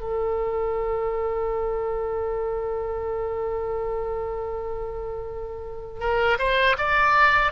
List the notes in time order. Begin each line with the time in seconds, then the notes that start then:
0.00 A4
6.00 A#4
6.39 C5
6.78 D5